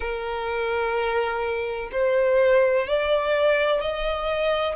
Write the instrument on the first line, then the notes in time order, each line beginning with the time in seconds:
violin
0.00 A#4
1.92 C5
2.87 D5
3.81 D#5